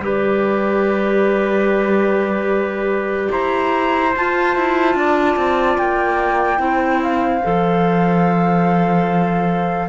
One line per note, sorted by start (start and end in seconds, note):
0.00 3.29 G3
0.00 4.13 G4
0.00 3.32 B4
0.00 3.32 D5
3.32 4.15 E4
3.32 4.96 C5
3.32 4.14 A#5
4.17 6.58 F4
4.17 4.56 F4
4.17 5.78 A5
4.56 4.95 E4
4.95 5.36 D4
4.95 6.62 D5
5.37 5.78 C4
5.78 6.60 A#3
5.78 7.02 G5
6.58 7.42 C4
6.58 7.40 E4
6.58 9.90 C5
7.03 9.90 F5
7.44 9.90 F3
7.44 9.90 A4